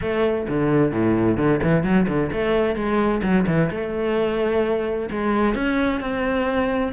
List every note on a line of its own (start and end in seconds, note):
0.01 0.47 A3
0.48 0.91 D3
0.91 1.37 A2
1.37 1.60 D3
1.62 1.83 E3
1.83 2.06 F#3
2.07 2.31 D3
2.32 2.75 A3
2.75 3.21 G#3
3.22 3.45 F#3
3.47 3.70 E3
3.70 5.09 A3
5.10 5.54 G#3
5.54 6.00 C#4
6.00 6.92 C4